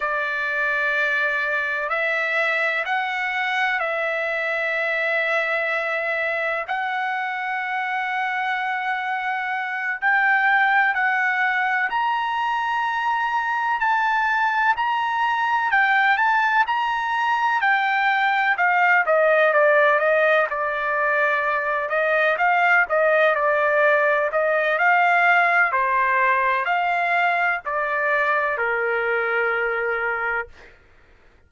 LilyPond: \new Staff \with { instrumentName = "trumpet" } { \time 4/4 \tempo 4 = 63 d''2 e''4 fis''4 | e''2. fis''4~ | fis''2~ fis''8 g''4 fis''8~ | fis''8 ais''2 a''4 ais''8~ |
ais''8 g''8 a''8 ais''4 g''4 f''8 | dis''8 d''8 dis''8 d''4. dis''8 f''8 | dis''8 d''4 dis''8 f''4 c''4 | f''4 d''4 ais'2 | }